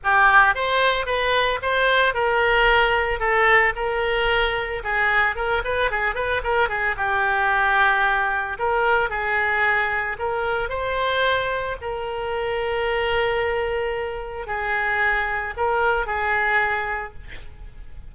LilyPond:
\new Staff \with { instrumentName = "oboe" } { \time 4/4 \tempo 4 = 112 g'4 c''4 b'4 c''4 | ais'2 a'4 ais'4~ | ais'4 gis'4 ais'8 b'8 gis'8 b'8 | ais'8 gis'8 g'2. |
ais'4 gis'2 ais'4 | c''2 ais'2~ | ais'2. gis'4~ | gis'4 ais'4 gis'2 | }